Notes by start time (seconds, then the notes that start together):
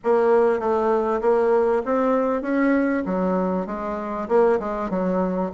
0.03 A#3
0.59 A3
1.21 A#3
1.85 C4
2.42 C#4
3.05 F#3
3.66 G#3
4.28 A#3
4.59 G#3
4.90 F#3